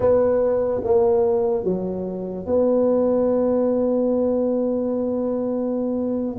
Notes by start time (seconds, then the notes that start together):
0.00 B3
0.84 A#3
1.64 F#3
2.45 B3